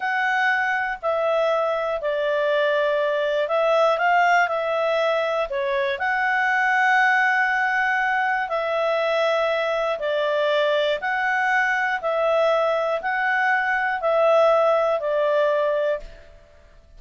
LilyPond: \new Staff \with { instrumentName = "clarinet" } { \time 4/4 \tempo 4 = 120 fis''2 e''2 | d''2. e''4 | f''4 e''2 cis''4 | fis''1~ |
fis''4 e''2. | d''2 fis''2 | e''2 fis''2 | e''2 d''2 | }